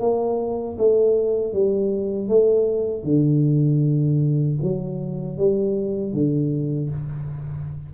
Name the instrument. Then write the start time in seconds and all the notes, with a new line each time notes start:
tuba
0.00 A#3
0.78 A3
1.53 G3
2.28 A3
3.04 D3
4.62 F#3
5.38 G3
6.13 D3